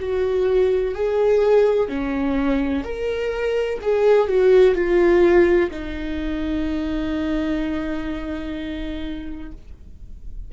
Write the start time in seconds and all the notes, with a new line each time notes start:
0.00 F#4
0.95 G#4
1.89 C#4
2.84 A#4
3.82 G#4
4.28 F#4
4.75 F4
5.71 D#4